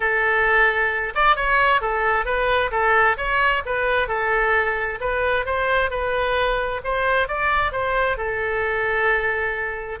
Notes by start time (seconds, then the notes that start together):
0.00 A4
1.14 D5
1.36 C#5
1.81 A4
2.25 B4
2.71 A4
3.17 C#5
3.65 B4
4.08 A4
5.00 B4
5.45 C5
5.90 B4
6.83 C5
7.27 D5
7.71 C5
8.17 A4